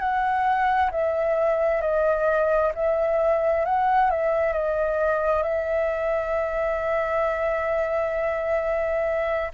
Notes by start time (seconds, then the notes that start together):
0.00 F#5
0.92 E5
1.81 D#5
2.75 E5
3.66 F#5
4.11 E5
4.53 D#5
5.43 E5